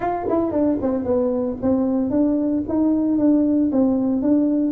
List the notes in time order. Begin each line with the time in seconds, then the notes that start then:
0.00 F4
0.28 E4
0.51 D4
0.81 C4
1.04 B3
1.62 C4
2.10 D4
2.68 D#4
3.18 D4
3.72 C4
4.22 D4